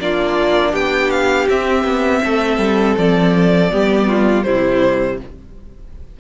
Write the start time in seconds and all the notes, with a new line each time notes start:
0.00 A#3 D4 F4 D5
0.72 B3 G4 G5
1.10 F5
1.49 C4 E5
1.84 B3
2.24 A3 A4
2.58 G3
2.98 F3 D5
3.71 G3 B3 G4
4.08 F4
4.43 C3 G3 E4 C5